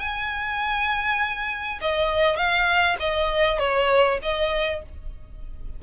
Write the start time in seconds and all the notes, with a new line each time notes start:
0.00 G#5
1.82 D#5
2.37 F5
3.00 D#5
3.59 C#5
4.23 D#5